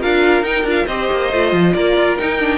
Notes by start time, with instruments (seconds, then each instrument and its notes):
0.00 cello D4, viola F4, violin A#4 F5
0.42 cello D#4, viola D#4, violin G5
0.63 cello D4, viola F4
0.70 violin F5
0.85 cello C4, viola G4, violin C5 D#5
1.11 cello A#3
1.33 cello A3, viola F4
1.52 cello F3
1.73 cello A#3, violin A#4 D5
1.97 cello F4
2.17 viola D#4, cello D#4, violin G5
2.39 viola D4